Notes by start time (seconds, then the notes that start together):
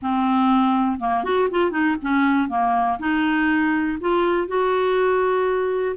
0.02 C4
0.99 A#3
1.24 F#4
1.50 F4
1.71 D#4
2.02 C#4
2.48 A#3
2.99 D#4
4.00 F4
4.47 F#4